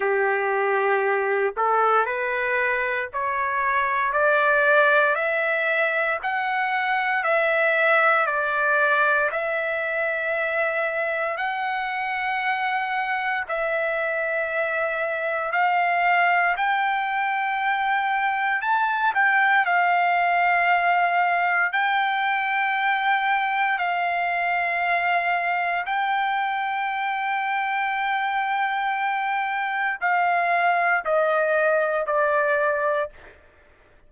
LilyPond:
\new Staff \with { instrumentName = "trumpet" } { \time 4/4 \tempo 4 = 58 g'4. a'8 b'4 cis''4 | d''4 e''4 fis''4 e''4 | d''4 e''2 fis''4~ | fis''4 e''2 f''4 |
g''2 a''8 g''8 f''4~ | f''4 g''2 f''4~ | f''4 g''2.~ | g''4 f''4 dis''4 d''4 | }